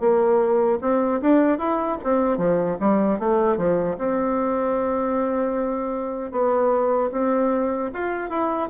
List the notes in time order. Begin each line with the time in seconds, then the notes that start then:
0.00 A#3
0.81 C4
1.21 D4
1.59 E4
2.03 C4
2.38 F3
2.80 G3
3.19 A3
3.57 F3
3.98 C4
6.32 B3
7.12 C4
7.94 F4
8.30 E4